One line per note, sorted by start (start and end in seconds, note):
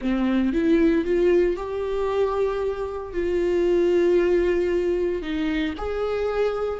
0.01 0.52 C4
0.52 1.04 E4
1.04 1.56 F4
1.56 3.13 G4
3.13 5.22 F4
5.22 5.74 D#4
5.77 6.79 G#4